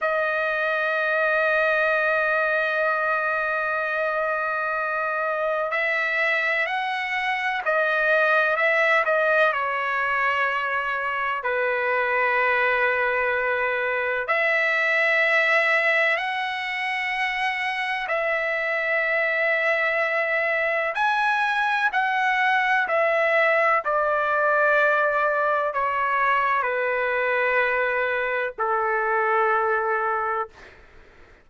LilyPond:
\new Staff \with { instrumentName = "trumpet" } { \time 4/4 \tempo 4 = 63 dis''1~ | dis''2 e''4 fis''4 | dis''4 e''8 dis''8 cis''2 | b'2. e''4~ |
e''4 fis''2 e''4~ | e''2 gis''4 fis''4 | e''4 d''2 cis''4 | b'2 a'2 | }